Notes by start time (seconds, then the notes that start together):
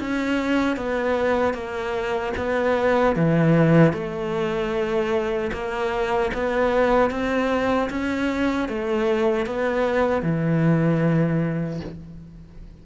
0.00 C#4
0.77 B3
1.54 A#3
2.37 B3
3.16 E3
3.93 A3
5.53 A#3
6.34 B3
7.11 C4
7.90 C#4
8.69 A3
9.46 B3
10.22 E3